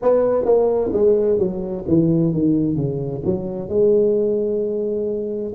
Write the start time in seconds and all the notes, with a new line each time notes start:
0.02 B3
0.44 A#3
0.92 G#3
1.38 F#3
1.87 E3
2.33 D#3
2.76 C#3
3.25 F#3
3.68 G#3